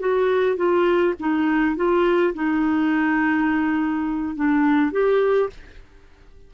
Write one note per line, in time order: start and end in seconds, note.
0.00 0.57 F#4
0.57 1.15 F4
1.20 1.76 D#4
1.76 2.34 F4
2.34 4.36 D#4
4.36 4.92 D4
4.92 5.50 G4